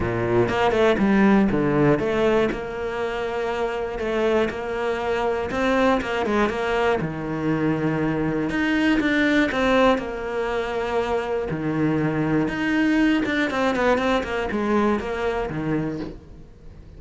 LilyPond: \new Staff \with { instrumentName = "cello" } { \time 4/4 \tempo 4 = 120 ais,4 ais8 a8 g4 d4 | a4 ais2. | a4 ais2 c'4 | ais8 gis8 ais4 dis2~ |
dis4 dis'4 d'4 c'4 | ais2. dis4~ | dis4 dis'4. d'8 c'8 b8 | c'8 ais8 gis4 ais4 dis4 | }